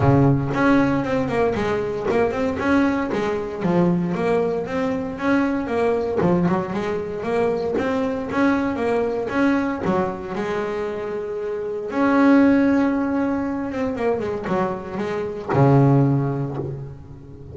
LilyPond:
\new Staff \with { instrumentName = "double bass" } { \time 4/4 \tempo 4 = 116 cis4 cis'4 c'8 ais8 gis4 | ais8 c'8 cis'4 gis4 f4 | ais4 c'4 cis'4 ais4 | f8 fis8 gis4 ais4 c'4 |
cis'4 ais4 cis'4 fis4 | gis2. cis'4~ | cis'2~ cis'8 c'8 ais8 gis8 | fis4 gis4 cis2 | }